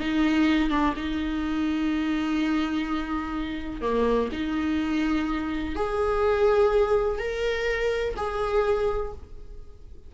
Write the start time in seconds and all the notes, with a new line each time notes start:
0.00 D#4
0.70 D4
0.97 D#4
3.81 A#3
4.32 D#4
5.76 G#4
7.19 A#4
8.17 G#4